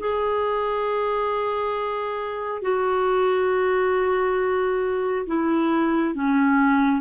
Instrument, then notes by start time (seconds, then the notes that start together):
clarinet
0.00 G#4
2.62 F#4
5.27 E4
6.15 C#4